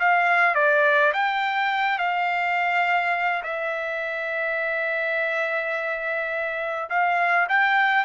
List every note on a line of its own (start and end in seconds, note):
0.00 0.55 F5
0.55 1.13 D5
1.14 1.99 G5
1.99 3.43 F5
3.44 6.90 E5
6.90 7.47 F5
7.49 8.05 G5